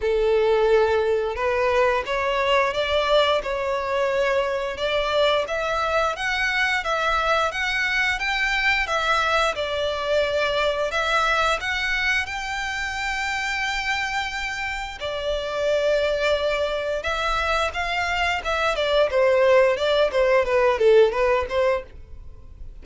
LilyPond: \new Staff \with { instrumentName = "violin" } { \time 4/4 \tempo 4 = 88 a'2 b'4 cis''4 | d''4 cis''2 d''4 | e''4 fis''4 e''4 fis''4 | g''4 e''4 d''2 |
e''4 fis''4 g''2~ | g''2 d''2~ | d''4 e''4 f''4 e''8 d''8 | c''4 d''8 c''8 b'8 a'8 b'8 c''8 | }